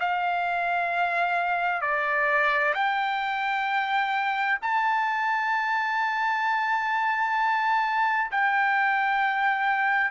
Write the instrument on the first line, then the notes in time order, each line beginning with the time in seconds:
trumpet
0.00 F5
1.82 D5
2.74 G5
4.62 A5
8.32 G5